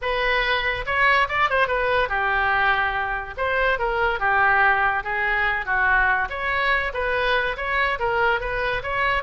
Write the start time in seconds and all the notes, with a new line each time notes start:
0.01 B4
0.86 C#5
1.28 D5
1.49 C5
1.67 B4
2.08 G4
3.37 C5
3.78 A#4
4.19 G4
5.03 G#4
5.65 F#4
6.29 C#5
6.93 B4
7.56 C#5
7.99 A#4
8.40 B4
8.82 C#5